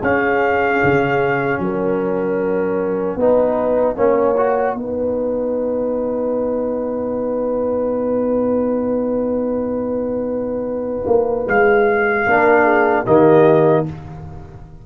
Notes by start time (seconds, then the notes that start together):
0.00 C#4 G#4 F5
0.84 C#3
1.59 F#3 A#4 F#5
3.16 B3 D#4 B4
3.96 A#3 C#4 C#5
4.37 F#4
4.74 B3 D#4 B4
11.06 A#3
11.47 G#3 F5
12.26 A#3 D4 A#4
12.62 G#4
13.05 D#3 A#3 G4 D#5